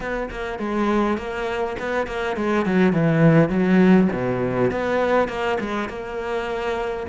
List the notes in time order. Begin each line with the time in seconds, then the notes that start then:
0.00 B3
0.30 A#3
0.58 G#3
1.17 A#3
1.79 B3
2.06 A#3
2.36 G#3
2.65 F#3
2.93 E3
3.49 F#3
4.12 B2
4.71 B3
5.28 A#3
5.59 G#3
5.89 A#3